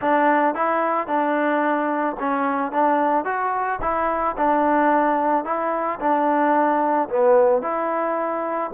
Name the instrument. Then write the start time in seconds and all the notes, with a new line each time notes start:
trombone
0.01 D4
0.55 E4
1.07 D4
2.19 C#4
2.71 D4
3.25 F#4
3.81 E4
4.37 D4
5.44 E4
5.99 D4
7.09 B3
7.61 E4